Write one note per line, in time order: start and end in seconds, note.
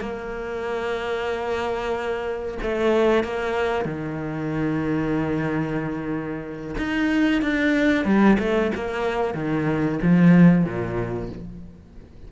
0.00 2.58 A#3
2.62 3.23 A3
3.23 3.84 A#3
3.84 6.75 D#3
6.77 7.42 D#4
7.42 8.05 D4
8.05 8.37 G3
8.39 8.71 A3
8.74 9.34 A#3
9.34 9.99 D#3
10.02 10.64 F3
10.64 11.29 A#2